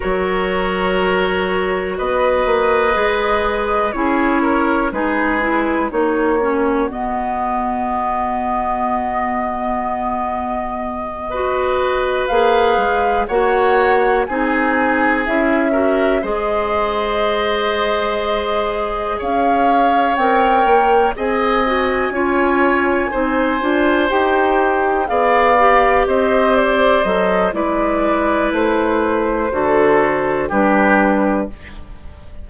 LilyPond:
<<
  \new Staff \with { instrumentName = "flute" } { \time 4/4 \tempo 4 = 61 cis''2 dis''2 | cis''4 b'4 cis''4 dis''4~ | dis''1~ | dis''8 f''4 fis''4 gis''4 e''8~ |
e''8 dis''2. f''8~ | f''8 g''4 gis''2~ gis''8~ | gis''8 g''4 f''4 dis''8 d''8 dis''8 | d''4 c''2 b'4 | }
  \new Staff \with { instrumentName = "oboe" } { \time 4/4 ais'2 b'2 | gis'8 ais'8 gis'4 fis'2~ | fis'2.~ fis'8 b'8~ | b'4. cis''4 gis'4. |
ais'8 c''2. cis''8~ | cis''4. dis''4 cis''4 c''8~ | c''4. d''4 c''4. | b'2 a'4 g'4 | }
  \new Staff \with { instrumentName = "clarinet" } { \time 4/4 fis'2. gis'4 | e'4 dis'8 e'8 dis'8 cis'8 b4~ | b2.~ b8 fis'8~ | fis'8 gis'4 fis'4 dis'4 e'8 |
fis'8 gis'2.~ gis'8~ | gis'8 ais'4 gis'8 fis'8 f'4 dis'8 | f'8 g'4 gis'8 g'4. a'8 | e'2 fis'4 d'4 | }
  \new Staff \with { instrumentName = "bassoon" } { \time 4/4 fis2 b8 ais8 gis4 | cis'4 gis4 ais4 b4~ | b1~ | b8 ais8 gis8 ais4 c'4 cis'8~ |
cis'8 gis2. cis'8~ | cis'8 c'8 ais8 c'4 cis'4 c'8 | d'8 dis'4 b4 c'4 fis8 | gis4 a4 d4 g4 | }
>>